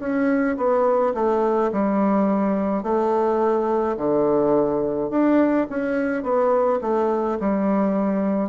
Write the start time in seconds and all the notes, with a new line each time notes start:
0.00 C#4
0.57 B3
1.15 A3
1.72 G3
2.84 A3
3.97 D3
5.10 D4
5.70 C#4
6.23 B3
6.82 A3
7.40 G3